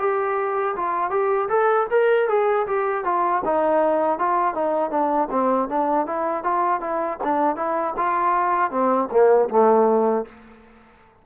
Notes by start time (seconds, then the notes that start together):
0.00 G4
0.76 F4
1.11 G4
1.49 A4
1.91 A#4
2.29 G#4
2.67 G4
3.05 F4
3.45 D#4
4.19 F4
4.55 D#4
4.91 D4
5.31 C4
5.69 D4
6.07 E4
6.44 F4
6.81 E4
7.24 D4
7.57 E4
7.97 F4
8.71 C4
9.11 A#3
9.50 A3